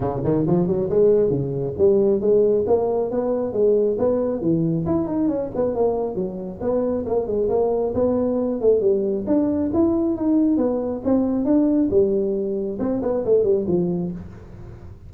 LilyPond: \new Staff \with { instrumentName = "tuba" } { \time 4/4 \tempo 4 = 136 cis8 dis8 f8 fis8 gis4 cis4 | g4 gis4 ais4 b4 | gis4 b4 e4 e'8 dis'8 | cis'8 b8 ais4 fis4 b4 |
ais8 gis8 ais4 b4. a8 | g4 d'4 e'4 dis'4 | b4 c'4 d'4 g4~ | g4 c'8 b8 a8 g8 f4 | }